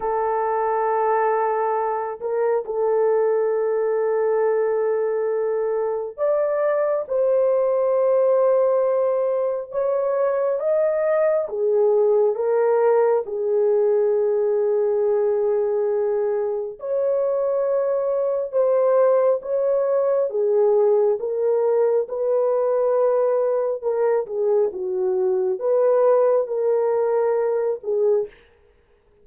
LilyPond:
\new Staff \with { instrumentName = "horn" } { \time 4/4 \tempo 4 = 68 a'2~ a'8 ais'8 a'4~ | a'2. d''4 | c''2. cis''4 | dis''4 gis'4 ais'4 gis'4~ |
gis'2. cis''4~ | cis''4 c''4 cis''4 gis'4 | ais'4 b'2 ais'8 gis'8 | fis'4 b'4 ais'4. gis'8 | }